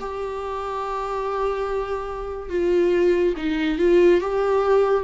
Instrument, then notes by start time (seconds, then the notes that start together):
viola
0.00 G4
2.50 F4
3.37 D#4
3.79 F4
4.21 G4